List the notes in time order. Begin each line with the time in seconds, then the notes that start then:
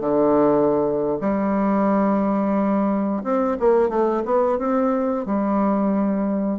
0.00 D3
1.20 G3
3.23 C4
3.59 A#3
3.89 A3
4.25 B3
4.58 C4
5.25 G3